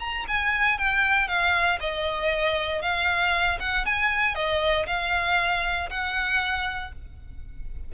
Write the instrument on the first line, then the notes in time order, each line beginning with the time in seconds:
violin
0.00 A#5
0.28 G#5
0.79 G5
1.28 F5
1.80 D#5
2.82 F5
3.60 F#5
3.86 G#5
4.35 D#5
4.87 F5
5.90 F#5